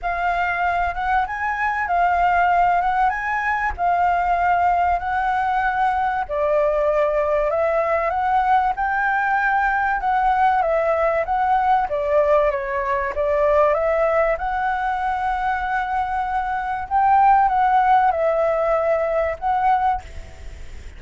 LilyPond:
\new Staff \with { instrumentName = "flute" } { \time 4/4 \tempo 4 = 96 f''4. fis''8 gis''4 f''4~ | f''8 fis''8 gis''4 f''2 | fis''2 d''2 | e''4 fis''4 g''2 |
fis''4 e''4 fis''4 d''4 | cis''4 d''4 e''4 fis''4~ | fis''2. g''4 | fis''4 e''2 fis''4 | }